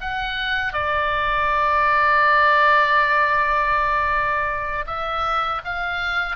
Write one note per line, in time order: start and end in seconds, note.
0.00 0.73 F#5
0.73 4.85 D5
4.86 5.61 E5
5.64 6.36 F5